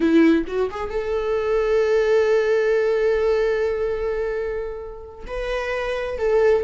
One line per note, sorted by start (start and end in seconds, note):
0.00 0.44 E4
0.47 0.70 F#4
0.70 0.90 G#4
0.90 5.25 A4
5.26 6.18 B4
6.18 6.64 A4